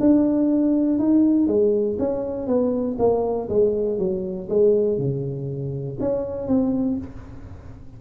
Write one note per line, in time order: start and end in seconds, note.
0.00 0.99 D4
0.99 1.47 D#4
1.47 1.97 G#3
1.99 2.47 C#4
2.47 2.97 B3
2.99 3.49 A#3
3.49 3.99 G#3
3.99 4.49 F#3
4.49 4.98 G#3
4.98 5.98 C#3
6.00 6.48 C#4
6.48 6.98 C4